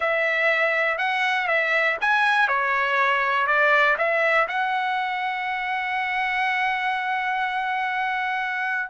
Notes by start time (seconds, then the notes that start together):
0.00 E5
0.98 F#5
1.47 E5
2.00 G#5
2.48 C#5
3.46 D5
3.98 E5
4.48 F#5